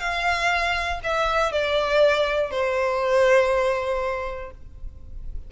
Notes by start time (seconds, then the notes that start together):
0.00 F5
1.04 E5
1.52 D5
2.51 C5